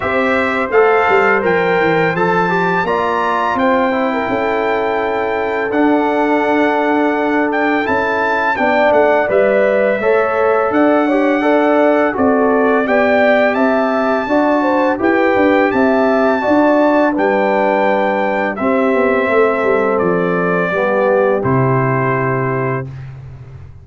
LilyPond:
<<
  \new Staff \with { instrumentName = "trumpet" } { \time 4/4 \tempo 4 = 84 e''4 f''4 g''4 a''4 | ais''4 g''2. | fis''2~ fis''8 g''8 a''4 | g''8 fis''8 e''2 fis''4~ |
fis''4 d''4 g''4 a''4~ | a''4 g''4 a''2 | g''2 e''2 | d''2 c''2 | }
  \new Staff \with { instrumentName = "horn" } { \time 4/4 c''1 | d''4 c''8. ais'16 a'2~ | a'1 | d''2 cis''4 d''8 cis''8 |
d''4 a'4 d''4 e''4 | d''8 c''8 b'4 e''4 d''4 | b'2 g'4 a'4~ | a'4 g'2. | }
  \new Staff \with { instrumentName = "trombone" } { \time 4/4 g'4 a'4 ais'4 a'8 g'8 | f'4. e'2~ e'8 | d'2. e'4 | d'4 b'4 a'4. g'8 |
a'4 fis'4 g'2 | fis'4 g'2 fis'4 | d'2 c'2~ | c'4 b4 e'2 | }
  \new Staff \with { instrumentName = "tuba" } { \time 4/4 c'4 a8 g8 f8 e8 f4 | ais4 c'4 cis'2 | d'2. cis'4 | b8 a8 g4 a4 d'4~ |
d'4 c'4 b4 c'4 | d'4 e'8 d'8 c'4 d'4 | g2 c'8 b8 a8 g8 | f4 g4 c2 | }
>>